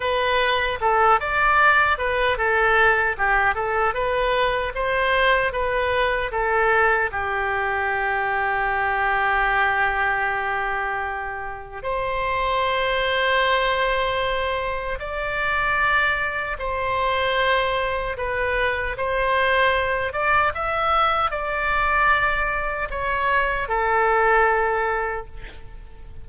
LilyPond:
\new Staff \with { instrumentName = "oboe" } { \time 4/4 \tempo 4 = 76 b'4 a'8 d''4 b'8 a'4 | g'8 a'8 b'4 c''4 b'4 | a'4 g'2.~ | g'2. c''4~ |
c''2. d''4~ | d''4 c''2 b'4 | c''4. d''8 e''4 d''4~ | d''4 cis''4 a'2 | }